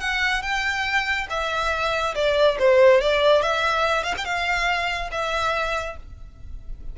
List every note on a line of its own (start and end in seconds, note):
0.00 0.42 F#5
0.42 1.27 G5
1.30 2.15 E5
2.15 2.57 D5
2.59 3.01 C5
3.01 3.42 D5
3.42 4.03 E5
4.03 4.14 F5
4.17 4.25 G5
4.25 5.10 F5
5.11 5.97 E5